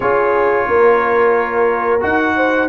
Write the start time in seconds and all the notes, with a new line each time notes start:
0.00 C#4 F4 G#4 C#5
0.67 A#3 A#4
2.00 D#4 F#4 F#5
2.36 C5